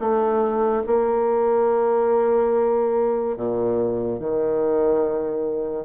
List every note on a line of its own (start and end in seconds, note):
0.00 0.83 A3
0.87 3.37 A#3
3.37 4.20 A#2
4.20 5.85 D#3